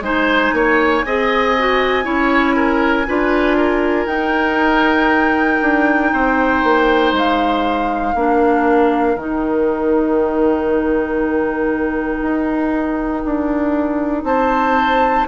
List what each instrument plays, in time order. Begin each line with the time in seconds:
0.00 bassoon G#3, clarinet D#4, oboe C5, flute G#5
0.53 bassoon A#3, oboe C#5
1.05 bassoon C4, clarinet G#4, oboe D#5
1.58 clarinet F#4
2.03 bassoon C#4, clarinet E4, oboe C#5
2.56 oboe A#4
3.07 bassoon D4, clarinet F4, oboe B4
3.57 oboe A#4
4.06 bassoon D#4, clarinet D#4, flute G5
5.61 bassoon D4
6.12 bassoon C4, oboe C5
6.63 bassoon A#3
7.12 bassoon G#3, flute F5
8.14 bassoon A#3, clarinet D4, oboe A#4
9.15 bassoon D#3, clarinet D#4, flute G5
12.22 bassoon D#4
13.25 bassoon D4
14.23 bassoon C4, oboe C5, flute A5